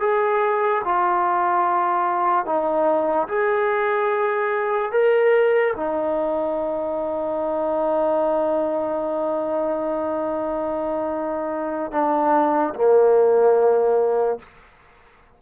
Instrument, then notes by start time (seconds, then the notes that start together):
trombone
0.00 G#4
0.84 F4
2.46 D#4
3.28 G#4
4.92 A#4
5.76 D#4
11.92 D4
12.75 A#3